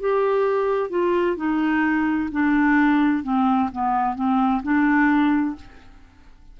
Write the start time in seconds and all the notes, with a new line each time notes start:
0.00 G4
0.90 F4
1.37 D#4
2.32 D4
3.23 C4
3.72 B3
4.15 C4
4.63 D4